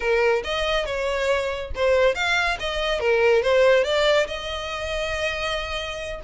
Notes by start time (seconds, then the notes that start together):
0.00 A#4
0.44 D#5
0.85 C#5
1.75 C5
2.14 F5
2.59 D#5
3.00 A#4
3.42 C5
3.84 D5
4.27 D#5